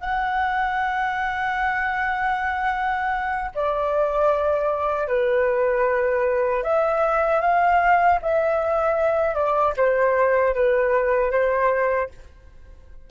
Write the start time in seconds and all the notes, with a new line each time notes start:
0.00 F#5
3.55 D5
5.08 B4
6.63 E5
7.41 F5
8.22 E5
9.34 D5
9.77 C5
10.54 B4
11.31 C5